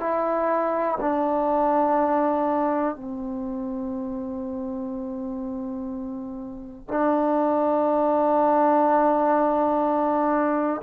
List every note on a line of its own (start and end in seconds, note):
0.00 0.98 E4
1.01 2.96 D4
2.96 6.88 C4
6.88 10.82 D4